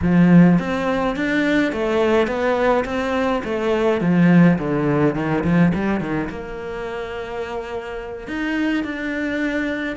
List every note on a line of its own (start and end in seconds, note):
0.02 0.59 F3
0.59 1.16 C4
1.16 1.72 D4
1.72 2.27 A3
2.27 2.84 B3
2.84 3.42 C4
3.43 4.01 A3
4.01 4.58 F3
4.58 5.15 D3
5.15 5.43 D#3
5.44 5.72 F3
5.74 6.00 G3
6.00 6.29 D#3
6.29 8.27 A#3
8.27 8.84 D#4
8.84 9.96 D4